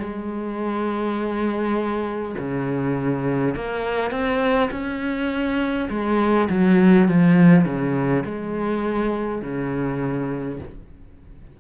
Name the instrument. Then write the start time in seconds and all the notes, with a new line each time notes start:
cello
0.00 G#3
2.39 C#3
3.55 A#3
4.11 C4
4.72 C#4
5.90 G#3
6.50 F#3
7.09 F3
7.65 C#3
8.25 G#3
9.42 C#3